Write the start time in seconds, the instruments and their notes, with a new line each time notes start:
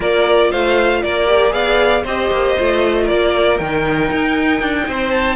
0.00 cello A#3, viola F4, violin A#4 D5
0.50 cello A3, violin C5 F5
1.02 cello A#3, violin A#4 D5
1.26 viola G4
1.50 cello B3, viola G#4, violin D5 F5
2.03 cello C4, viola G4, violin C5 D#5
2.30 cello A#3
2.57 cello A3, viola F4
3.03 violin A#4 D5
3.10 cello A#3
3.58 cello D#3, viola D#4, violin G5
4.11 cello D#4
4.61 cello D4
4.87 cello C4, violin C5
5.10 violin A5